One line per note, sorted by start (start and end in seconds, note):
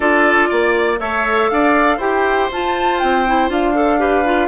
0.00 0.48 D4
0.00 0.97 F4
0.00 0.49 A4
0.00 0.99 D5
0.49 0.99 A#3
0.49 0.99 D5
0.99 1.49 A3
0.99 2.00 A4
0.99 1.50 C#5
0.99 1.49 E5
1.49 1.98 D4
1.49 1.97 D5
1.49 1.99 F5
1.97 2.48 E4
1.97 2.50 G4
1.97 3.97 C5
1.97 2.50 G5
2.51 3.01 F4
2.51 3.27 F4
2.51 2.99 A5
2.99 3.49 C4
2.99 3.49 G5
3.27 3.48 E4
3.48 4.48 D4
3.48 3.73 F4
3.48 4.48 F5
3.74 3.99 A4
3.99 4.24 G4
3.99 4.48 B4
4.25 4.48 F4